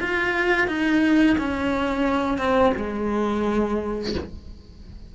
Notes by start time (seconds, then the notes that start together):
0.00 F4
0.67 D#4
1.38 C#4
2.38 C4
2.76 G#3